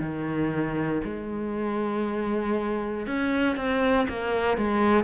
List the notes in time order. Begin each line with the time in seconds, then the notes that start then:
0.00 D#3
1.04 G#3
3.06 C#4
3.56 C4
4.08 A#3
4.57 G#3